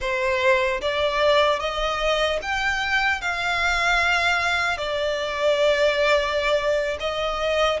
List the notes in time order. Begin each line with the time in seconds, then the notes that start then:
0.00 C5
0.81 D5
1.59 D#5
2.41 G5
3.21 F5
4.77 D5
7.00 D#5